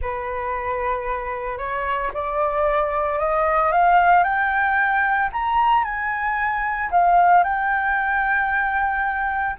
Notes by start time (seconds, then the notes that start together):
0.01 B4
1.58 C#5
2.13 D5
3.19 D#5
3.72 F5
4.23 G5
5.32 A#5
5.84 G#5
6.90 F5
7.43 G5